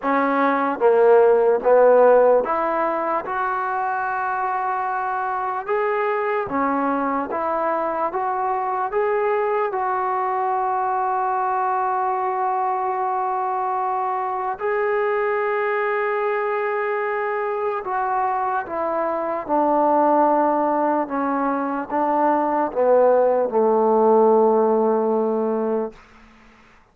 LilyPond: \new Staff \with { instrumentName = "trombone" } { \time 4/4 \tempo 4 = 74 cis'4 ais4 b4 e'4 | fis'2. gis'4 | cis'4 e'4 fis'4 gis'4 | fis'1~ |
fis'2 gis'2~ | gis'2 fis'4 e'4 | d'2 cis'4 d'4 | b4 a2. | }